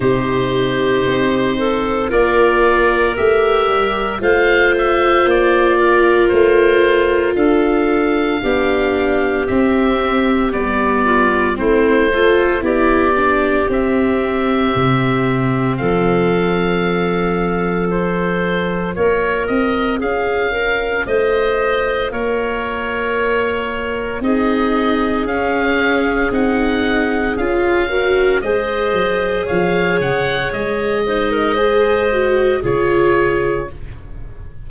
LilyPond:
<<
  \new Staff \with { instrumentName = "oboe" } { \time 4/4 \tempo 4 = 57 c''2 d''4 e''4 | f''8 e''8 d''4 c''4 f''4~ | f''4 e''4 d''4 c''4 | d''4 e''2 f''4~ |
f''4 c''4 cis''8 dis''8 f''4 | dis''4 cis''2 dis''4 | f''4 fis''4 f''4 dis''4 | f''8 fis''8 dis''2 cis''4 | }
  \new Staff \with { instrumentName = "clarinet" } { \time 4/4 g'4. a'8 ais'2 | c''4. ais'4. a'4 | g'2~ g'8 f'8 e'8 a'8 | g'2. a'4~ |
a'2 ais'4 gis'8 ais'8 | c''4 ais'2 gis'4~ | gis'2~ gis'8 ais'8 c''4 | cis''4. c''16 ais'16 c''4 gis'4 | }
  \new Staff \with { instrumentName = "viola" } { \time 4/4 dis'2 f'4 g'4 | f'1 | d'4 c'4 b4 c'8 f'8 | e'8 d'8 c'2.~ |
c'4 f'2.~ | f'2. dis'4 | cis'4 dis'4 f'8 fis'8 gis'4~ | gis'4. dis'8 gis'8 fis'8 f'4 | }
  \new Staff \with { instrumentName = "tuba" } { \time 4/4 c4 c'4 ais4 a8 g8 | a4 ais4 a4 d'4 | b4 c'4 g4 a4 | b4 c'4 c4 f4~ |
f2 ais8 c'8 cis'4 | a4 ais2 c'4 | cis'4 c'4 cis'4 gis8 fis8 | f8 cis8 gis2 cis4 | }
>>